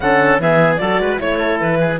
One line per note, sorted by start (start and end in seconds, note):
0.00 0.39 D3
0.00 0.41 C#4
0.00 0.41 A4
0.00 0.40 F#5
0.39 0.79 E3
0.39 0.79 B3
0.39 0.81 G#4
0.39 0.76 E5
0.76 0.98 F#3
0.76 1.18 F#4
0.76 1.00 A4
0.76 1.16 D5
0.98 1.18 G#3
0.98 1.20 B4
1.18 1.60 A3
1.18 1.98 E4
1.18 1.38 C#5
1.18 1.59 C#5
1.38 1.78 A4
1.59 1.99 E3
1.59 1.99 B4
1.79 1.99 G#4